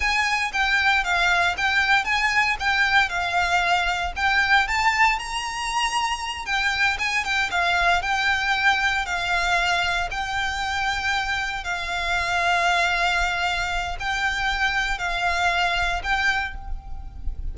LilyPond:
\new Staff \with { instrumentName = "violin" } { \time 4/4 \tempo 4 = 116 gis''4 g''4 f''4 g''4 | gis''4 g''4 f''2 | g''4 a''4 ais''2~ | ais''8 g''4 gis''8 g''8 f''4 g''8~ |
g''4. f''2 g''8~ | g''2~ g''8 f''4.~ | f''2. g''4~ | g''4 f''2 g''4 | }